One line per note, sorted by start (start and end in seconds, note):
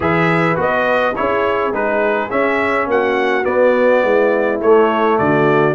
0.00 0.56 E3
0.00 0.55 G#4
0.00 1.16 B4
0.00 0.59 E5
0.55 1.15 B3
0.55 1.13 F#4
0.55 1.15 D#5
1.15 1.72 C#4
1.15 1.73 E4
1.15 2.90 G#4
1.15 1.73 C#5
1.72 2.29 G#3
1.72 2.29 D#4
1.72 2.30 B4
2.29 3.43 C#4
2.29 2.86 C#4
2.29 2.88 E5
2.86 3.44 A#3
2.86 4.03 F#4
2.86 3.44 F#5
3.43 4.59 B3
3.43 4.03 B3
3.43 4.60 D5
4.03 4.60 G#3
4.03 5.19 E4
4.60 5.18 A3
4.60 5.75 A3
4.60 5.18 C#5
5.18 5.75 D3
5.18 5.75 F#4
5.18 5.75 D5